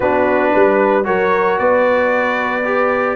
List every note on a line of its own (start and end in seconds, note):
0.00 0.53 B3
0.00 1.04 D4
0.00 0.51 F#4
0.00 1.05 B4
0.51 1.08 G3
0.51 1.04 B4
1.04 1.59 F#3
1.04 2.63 F#4
1.04 1.59 A#4
1.04 1.58 C#5
1.58 3.16 B3
1.58 3.16 B4
1.58 3.16 D5
2.64 3.16 G4